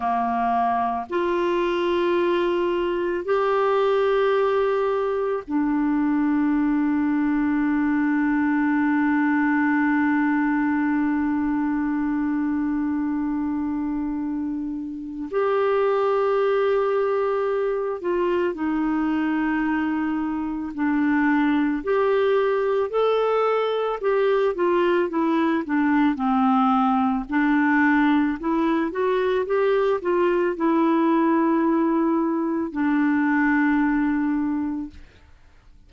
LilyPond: \new Staff \with { instrumentName = "clarinet" } { \time 4/4 \tempo 4 = 55 ais4 f'2 g'4~ | g'4 d'2.~ | d'1~ | d'2 g'2~ |
g'8 f'8 dis'2 d'4 | g'4 a'4 g'8 f'8 e'8 d'8 | c'4 d'4 e'8 fis'8 g'8 f'8 | e'2 d'2 | }